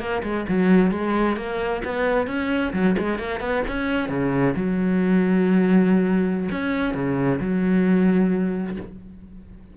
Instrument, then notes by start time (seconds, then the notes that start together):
cello
0.00 A#3
0.23 G#3
0.49 F#3
0.91 G#3
1.37 A#3
1.85 B3
2.27 C#4
2.73 F#3
2.99 G#3
3.19 A#3
3.41 B3
3.68 C#4
4.10 C#3
4.56 F#3
6.52 C#4
6.94 C#3
7.41 F#3